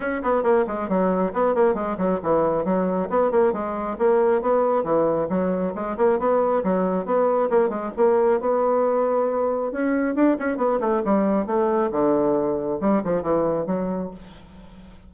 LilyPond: \new Staff \with { instrumentName = "bassoon" } { \time 4/4 \tempo 4 = 136 cis'8 b8 ais8 gis8 fis4 b8 ais8 | gis8 fis8 e4 fis4 b8 ais8 | gis4 ais4 b4 e4 | fis4 gis8 ais8 b4 fis4 |
b4 ais8 gis8 ais4 b4~ | b2 cis'4 d'8 cis'8 | b8 a8 g4 a4 d4~ | d4 g8 f8 e4 fis4 | }